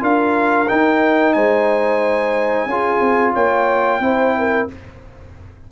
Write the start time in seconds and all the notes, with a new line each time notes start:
0.00 D4 F4 A#4 F5
0.68 D#4 G5
1.33 G#3 C5 G#5
2.66 C#4 F4 G#4
3.00 C4
3.33 A#3 C#5 G5
4.00 C4 E4 C5
4.38 A#4